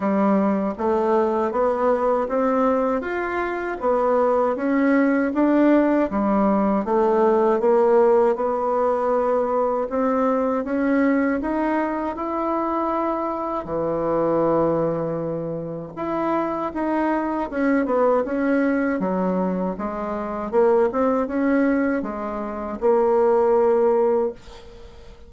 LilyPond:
\new Staff \with { instrumentName = "bassoon" } { \time 4/4 \tempo 4 = 79 g4 a4 b4 c'4 | f'4 b4 cis'4 d'4 | g4 a4 ais4 b4~ | b4 c'4 cis'4 dis'4 |
e'2 e2~ | e4 e'4 dis'4 cis'8 b8 | cis'4 fis4 gis4 ais8 c'8 | cis'4 gis4 ais2 | }